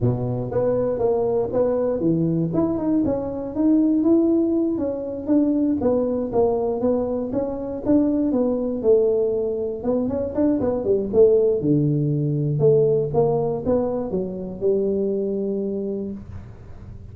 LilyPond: \new Staff \with { instrumentName = "tuba" } { \time 4/4 \tempo 4 = 119 b,4 b4 ais4 b4 | e4 e'8 dis'8 cis'4 dis'4 | e'4. cis'4 d'4 b8~ | b8 ais4 b4 cis'4 d'8~ |
d'8 b4 a2 b8 | cis'8 d'8 b8 g8 a4 d4~ | d4 a4 ais4 b4 | fis4 g2. | }